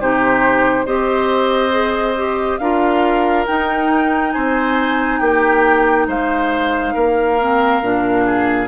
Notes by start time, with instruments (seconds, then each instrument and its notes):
0.00 bassoon C3, clarinet D#4, oboe G4, flute C5
0.85 bassoon C4, clarinet G4, oboe C5, flute D#5
1.71 clarinet G#4
2.16 clarinet G4
2.58 bassoon D4, clarinet F4, oboe A#4, flute F5
3.47 clarinet D#4, bassoon D#4, flute G5
4.32 bassoon C4, oboe C5, flute G#5
5.19 bassoon A#3, oboe G4, flute G5
6.07 bassoon G#3, oboe C5, flute F5
6.94 bassoon A#3, oboe A#4
7.40 clarinet C4
7.82 bassoon A#2, clarinet D4
8.25 oboe G#4